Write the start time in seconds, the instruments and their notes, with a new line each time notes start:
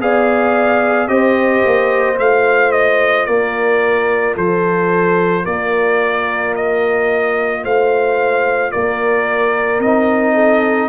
0.00 tuba B3, trombone G#4, horn D5, trumpet F5
1.08 tuba C4, trombone G4, horn C5, trumpet D#5
1.65 tuba A#3
2.15 tuba A3, trombone F4, trumpet F5
2.72 trumpet D#5
3.26 tuba A#3, horn A#4, trumpet D5
4.35 tuba F3, horn A4, trumpet C5
5.44 tuba A#3, horn A#4, trumpet D5
6.55 trumpet D#5
7.64 tuba A3, horn C5, trumpet F5
8.72 tuba A#3, horn A#4, trumpet D5
9.79 tuba C4, trombone D#4, trumpet D#5
10.35 horn A4